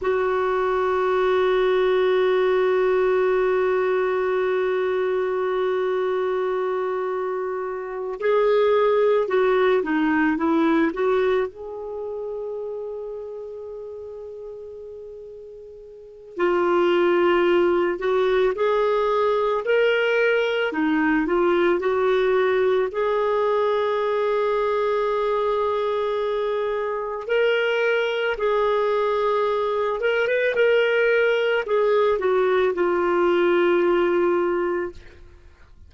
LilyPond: \new Staff \with { instrumentName = "clarinet" } { \time 4/4 \tempo 4 = 55 fis'1~ | fis'2.~ fis'8 gis'8~ | gis'8 fis'8 dis'8 e'8 fis'8 gis'4.~ | gis'2. f'4~ |
f'8 fis'8 gis'4 ais'4 dis'8 f'8 | fis'4 gis'2.~ | gis'4 ais'4 gis'4. ais'16 b'16 | ais'4 gis'8 fis'8 f'2 | }